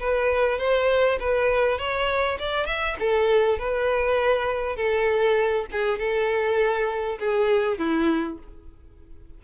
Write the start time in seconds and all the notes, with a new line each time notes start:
0.00 B4
0.58 C5
1.20 B4
1.78 C#5
2.39 D5
2.66 E5
2.99 A4
3.59 B4
4.76 A4
5.72 G#4
5.99 A4
7.19 G#4
7.78 E4